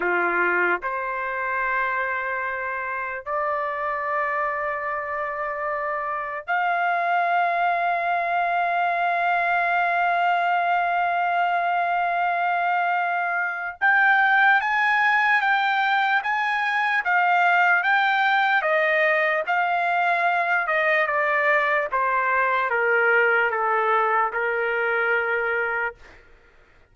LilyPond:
\new Staff \with { instrumentName = "trumpet" } { \time 4/4 \tempo 4 = 74 f'4 c''2. | d''1 | f''1~ | f''1~ |
f''4 g''4 gis''4 g''4 | gis''4 f''4 g''4 dis''4 | f''4. dis''8 d''4 c''4 | ais'4 a'4 ais'2 | }